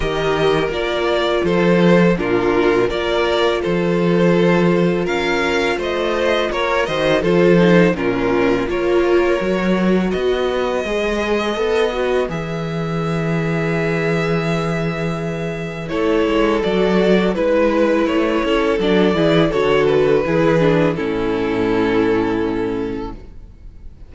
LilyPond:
<<
  \new Staff \with { instrumentName = "violin" } { \time 4/4 \tempo 4 = 83 dis''4 d''4 c''4 ais'4 | d''4 c''2 f''4 | dis''4 cis''8 dis''8 c''4 ais'4 | cis''2 dis''2~ |
dis''4 e''2.~ | e''2 cis''4 d''4 | b'4 cis''4 d''4 cis''8 b'8~ | b'4 a'2. | }
  \new Staff \with { instrumentName = "violin" } { \time 4/4 ais'2 a'4 f'4 | ais'4 a'2 ais'4 | c''4 ais'8 c''8 a'4 f'4 | ais'2 b'2~ |
b'1~ | b'2 a'2 | b'4. a'4 gis'8 a'4 | gis'4 e'2. | }
  \new Staff \with { instrumentName = "viola" } { \time 4/4 g'4 f'2 d'4 | f'1~ | f'4. fis'8 f'8 dis'8 cis'4 | f'4 fis'2 gis'4 |
a'8 fis'8 gis'2.~ | gis'2 e'4 fis'4 | e'2 d'8 e'8 fis'4 | e'8 d'8 cis'2. | }
  \new Staff \with { instrumentName = "cello" } { \time 4/4 dis4 ais4 f4 ais,4 | ais4 f2 cis'4 | a4 ais8 dis8 f4 ais,4 | ais4 fis4 b4 gis4 |
b4 e2.~ | e2 a8 gis8 fis4 | gis4 a8 cis'8 fis8 e8 d4 | e4 a,2. | }
>>